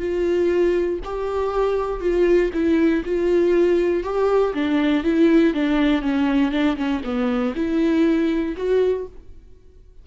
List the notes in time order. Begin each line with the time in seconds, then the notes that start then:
0.00 F4
1.05 G4
2.01 F4
2.54 E4
3.05 F4
4.04 G4
4.54 D4
5.04 E4
5.54 D4
6.02 C#4
6.52 D4
6.77 C#4
7.04 B3
7.56 E4
8.57 F#4